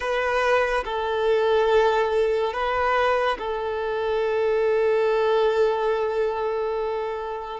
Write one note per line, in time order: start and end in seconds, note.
0.00 0.84 B4
0.85 2.53 A4
2.53 3.37 B4
3.38 7.60 A4